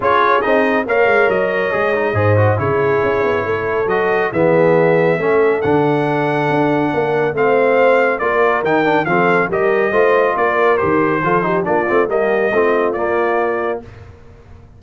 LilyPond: <<
  \new Staff \with { instrumentName = "trumpet" } { \time 4/4 \tempo 4 = 139 cis''4 dis''4 f''4 dis''4~ | dis''2 cis''2~ | cis''4 dis''4 e''2~ | e''4 fis''2.~ |
fis''4 f''2 d''4 | g''4 f''4 dis''2 | d''4 c''2 d''4 | dis''2 d''2 | }
  \new Staff \with { instrumentName = "horn" } { \time 4/4 gis'2 cis''2~ | cis''4 c''4 gis'2 | a'2 gis'2 | a'1 |
ais'4 c''2 ais'4~ | ais'4 a'4 ais'4 c''4 | ais'2 a'8 g'8 f'4 | g'4 f'2. | }
  \new Staff \with { instrumentName = "trombone" } { \time 4/4 f'4 dis'4 ais'2 | gis'8 dis'8 gis'8 fis'8 e'2~ | e'4 fis'4 b2 | cis'4 d'2.~ |
d'4 c'2 f'4 | dis'8 d'8 c'4 g'4 f'4~ | f'4 g'4 f'8 dis'8 d'8 c'8 | ais4 c'4 ais2 | }
  \new Staff \with { instrumentName = "tuba" } { \time 4/4 cis'4 c'4 ais8 gis8 fis4 | gis4 gis,4 cis4 cis'8 b8 | a4 fis4 e2 | a4 d2 d'4 |
ais4 a2 ais4 | dis4 f4 g4 a4 | ais4 dis4 f4 ais8 a8 | g4 a4 ais2 | }
>>